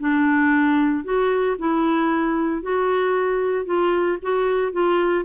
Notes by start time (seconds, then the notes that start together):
0.00 D4
1.04 F#4
1.59 E4
2.62 F#4
3.66 F4
4.22 F#4
4.72 F4